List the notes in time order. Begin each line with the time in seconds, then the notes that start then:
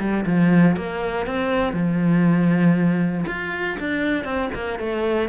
0.00 G3
0.26 F3
0.77 A#3
1.27 C4
1.73 F3
3.27 F4
3.80 D4
4.24 C4
4.54 A#3
4.79 A3